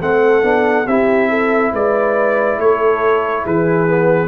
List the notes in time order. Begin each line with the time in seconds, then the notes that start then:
0.00 A3 C4 A4 F#5
0.42 B3 D4
0.87 C4 E4 G4 E5
1.29 A4
1.73 G#3 B4 D5
2.58 A3 A4 C#5
3.44 E3 G#4 B4
3.87 B3